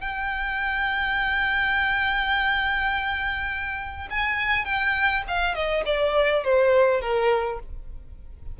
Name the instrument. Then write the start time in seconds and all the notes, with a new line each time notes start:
violin
0.00 G5
4.10 G#5
4.65 G5
5.27 F5
5.54 D#5
5.85 D5
6.43 C5
7.01 A#4